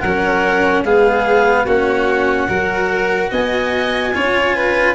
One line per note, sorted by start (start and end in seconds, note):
0.00 0.83 F#3
0.00 0.83 A#4
0.00 0.82 F#5
0.07 0.85 C#4
0.83 1.66 G#3
0.83 1.67 B3
0.83 1.65 G#4
0.83 1.66 F5
1.65 2.48 A#3
1.65 2.48 C#4
1.65 2.47 F#4
1.65 3.32 F#5
2.48 3.31 F#3
2.48 4.12 F#4
2.48 3.30 A#4
3.31 4.14 B3
3.31 4.13 D#5
3.31 4.95 G#5
4.13 4.95 C#4
4.13 4.95 F4
4.13 4.55 C#5
4.55 4.95 B4